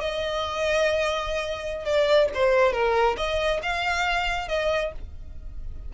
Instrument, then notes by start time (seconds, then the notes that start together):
violin
0.00 D#5
1.85 D5
2.34 C5
2.72 A#4
3.17 D#5
3.63 F5
4.48 D#5